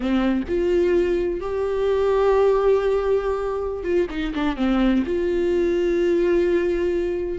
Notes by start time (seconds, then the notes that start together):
0.00 C4
0.48 F4
1.40 G4
3.83 F4
4.10 D#4
4.34 D4
4.56 C4
5.06 F4